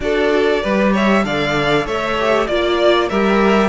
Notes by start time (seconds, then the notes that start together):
0.00 D4 F#4 A4 D5
0.62 G3 G4 B4
0.92 C#5 E5
1.23 D3 A4 D5 F5
1.85 A3 C#5 E5
2.19 G4
2.46 A#3 F4 D5
3.09 G3 G4 A#4 E5